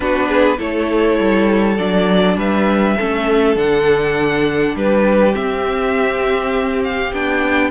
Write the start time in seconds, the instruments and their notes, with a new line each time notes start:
0.00 cello B3, viola D4, violin F#4 B4
0.27 violin G#4
0.57 cello A3, viola E4, violin A4 C#5
1.19 cello G3
1.77 cello F#3, viola D4, violin D5
2.36 cello G3, violin B4 E5
2.97 cello A3, viola C#4, violin A4
3.55 cello D3, viola D4, violin F#5
4.75 cello G3, violin G4 B4
5.32 viola C4, cello C4, violin E5
6.83 violin F5
7.12 cello B3, viola D4, violin G5